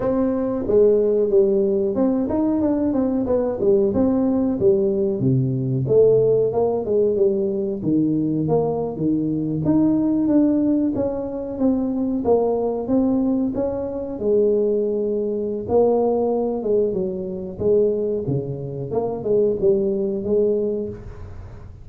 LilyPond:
\new Staff \with { instrumentName = "tuba" } { \time 4/4 \tempo 4 = 92 c'4 gis4 g4 c'8 dis'8 | d'8 c'8 b8 g8 c'4 g4 | c4 a4 ais8 gis8 g4 | dis4 ais8. dis4 dis'4 d'16~ |
d'8. cis'4 c'4 ais4 c'16~ | c'8. cis'4 gis2~ gis16 | ais4. gis8 fis4 gis4 | cis4 ais8 gis8 g4 gis4 | }